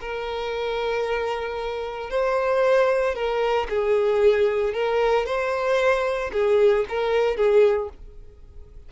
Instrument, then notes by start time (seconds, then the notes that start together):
violin
0.00 A#4
2.10 C5
3.14 A#4
3.69 G#4
4.73 A#4
5.25 C5
6.32 G#4
6.88 A#4
7.36 G#4